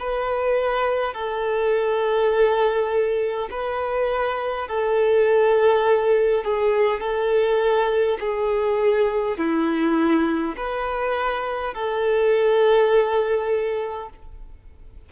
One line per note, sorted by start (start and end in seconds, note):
0.00 1.14 B4
1.14 3.49 A4
3.51 4.68 B4
4.68 6.45 A4
6.45 7.01 G#4
7.01 8.18 A4
8.20 9.38 G#4
9.38 10.56 E4
10.57 11.74 B4
11.74 14.10 A4